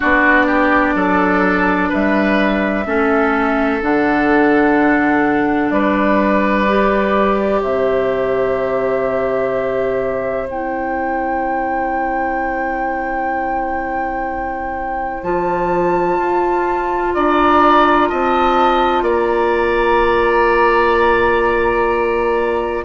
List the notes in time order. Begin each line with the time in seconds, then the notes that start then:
0.00 B3 D4 F#4 D5
0.46 G4
0.94 F#3 A4
1.89 G3 B4 E5
2.85 A3 C#4 A4
3.81 D3 D4 F#5
5.70 G3 B4 D5
6.68 G4
7.61 C3 C5 E5
10.47 C4 E4 G5
15.22 F3 F4 A5
16.18 F4
17.13 D4 D5 A#5
18.09 C4 D#5 A5
19.02 A#3 D5 A#5